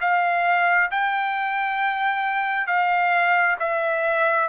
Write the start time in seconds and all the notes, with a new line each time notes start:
0.00 F5
0.90 G5
2.67 F5
3.59 E5